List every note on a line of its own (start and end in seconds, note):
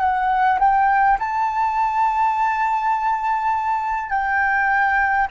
0.00 0.59 F#5
0.59 1.18 G5
1.19 4.10 A5
4.10 5.28 G5